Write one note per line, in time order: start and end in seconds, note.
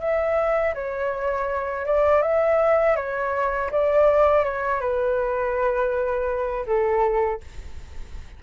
0.00 0.74 E5
0.74 1.86 C#5
1.86 2.22 D5
2.22 2.96 E5
2.96 3.70 C#5
3.71 4.44 D5
4.44 4.80 C#5
4.80 6.66 B4
6.66 7.40 A4